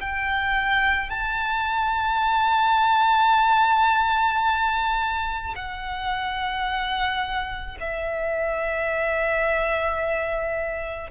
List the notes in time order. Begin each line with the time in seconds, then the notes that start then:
0.00 G5
1.10 A5
5.56 F#5
7.80 E5